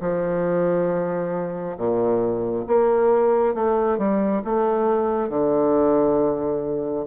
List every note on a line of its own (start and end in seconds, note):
0.00 1.76 F3
1.77 2.65 A#2
2.67 3.54 A#3
3.54 3.97 A3
3.97 4.42 G3
4.44 5.29 A3
5.29 7.05 D3